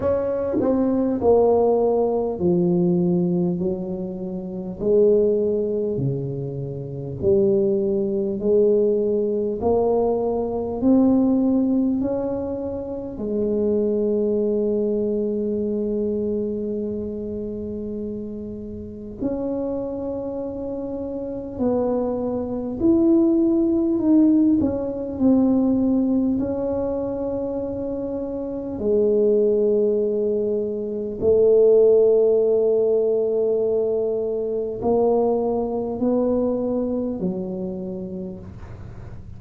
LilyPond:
\new Staff \with { instrumentName = "tuba" } { \time 4/4 \tempo 4 = 50 cis'8 c'8 ais4 f4 fis4 | gis4 cis4 g4 gis4 | ais4 c'4 cis'4 gis4~ | gis1 |
cis'2 b4 e'4 | dis'8 cis'8 c'4 cis'2 | gis2 a2~ | a4 ais4 b4 fis4 | }